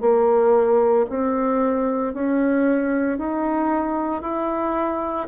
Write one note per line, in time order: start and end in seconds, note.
0.00 1.05 A#3
1.09 2.13 C4
2.13 3.18 C#4
3.18 4.22 D#4
4.22 5.27 E4